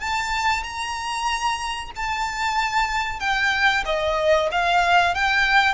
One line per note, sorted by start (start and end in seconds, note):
0.00 0.64 A5
0.64 1.91 A#5
1.96 3.20 A5
3.20 3.84 G5
3.86 4.49 D#5
4.51 5.15 F5
5.15 5.74 G5